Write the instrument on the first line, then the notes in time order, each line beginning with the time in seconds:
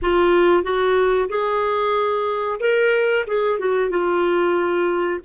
clarinet
0.02 F4
0.63 F#4
1.29 G#4
2.59 A#4
3.27 G#4
3.59 F#4
3.90 F4